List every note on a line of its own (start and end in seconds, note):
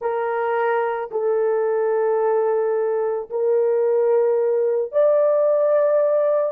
0.00 1.10 A#4
1.11 3.29 A4
3.30 4.91 A#4
4.91 6.52 D5